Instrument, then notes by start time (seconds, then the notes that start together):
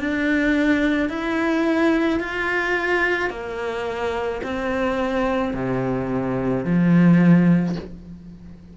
cello
0.00 D4
1.10 E4
2.20 F4
3.30 A#3
4.43 C4
5.55 C3
6.65 F3